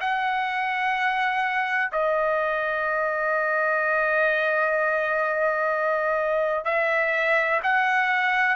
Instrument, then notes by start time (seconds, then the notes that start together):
trumpet
0.00 F#5
1.92 D#5
6.65 E5
7.63 F#5